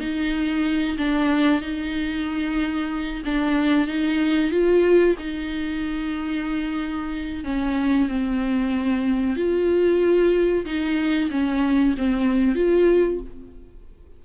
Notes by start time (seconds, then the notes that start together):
0.00 D#4
0.98 D4
1.61 D#4
3.25 D4
3.87 D#4
4.51 F4
5.18 D#4
7.44 C#4
8.09 C4
9.36 F4
10.65 D#4
11.30 C#4
11.97 C4
12.55 F4